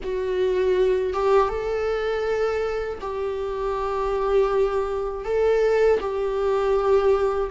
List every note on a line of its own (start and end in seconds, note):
0.03 1.12 F#4
1.12 1.48 G4
1.48 2.98 A4
3.00 5.24 G4
5.24 5.99 A4
6.00 7.50 G4